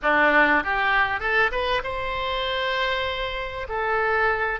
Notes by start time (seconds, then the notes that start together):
0.02 D4
0.63 G4
1.20 A4
1.51 B4
1.83 C5
3.68 A4